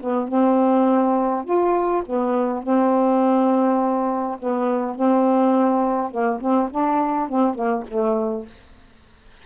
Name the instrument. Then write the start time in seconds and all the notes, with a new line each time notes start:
saxophone
0.00 B3
0.28 C4
1.45 F4
2.06 B3
2.63 C4
4.39 B3
4.95 C4
6.11 A#3
6.41 C4
6.71 D4
7.29 C4
7.55 A#3
7.88 A3